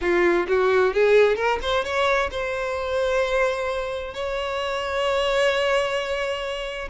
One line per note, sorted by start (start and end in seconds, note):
0.01 0.46 F4
0.48 0.93 F#4
0.93 1.36 G#4
1.36 1.58 A#4
1.62 1.84 C5
1.84 2.30 C#5
2.31 4.14 C5
4.14 6.88 C#5